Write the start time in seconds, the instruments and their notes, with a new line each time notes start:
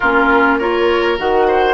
0.00 bassoon A#3, clarinet C#4, oboe F4, flute A#4
0.58 clarinet F4, oboe A#4, flute C#5
1.18 bassoon D#3, clarinet F#4, flute F#5
1.47 oboe C5